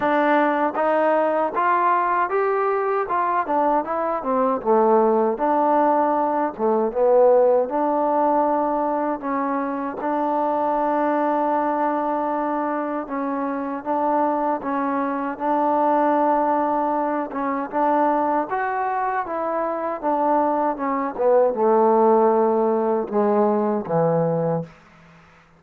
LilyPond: \new Staff \with { instrumentName = "trombone" } { \time 4/4 \tempo 4 = 78 d'4 dis'4 f'4 g'4 | f'8 d'8 e'8 c'8 a4 d'4~ | d'8 a8 b4 d'2 | cis'4 d'2.~ |
d'4 cis'4 d'4 cis'4 | d'2~ d'8 cis'8 d'4 | fis'4 e'4 d'4 cis'8 b8 | a2 gis4 e4 | }